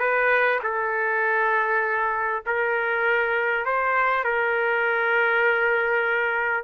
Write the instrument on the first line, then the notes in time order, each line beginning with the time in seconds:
trumpet
0.00 B4
0.64 A4
2.47 A#4
3.65 C5
4.24 A#4